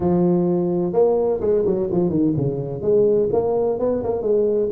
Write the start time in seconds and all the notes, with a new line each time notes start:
0.00 F3
0.93 A#3
1.40 G#3
1.65 F#3
1.91 F3
2.09 D#3
2.36 C#3
2.81 G#3
3.32 A#3
3.79 B3
4.03 A#3
4.22 G#3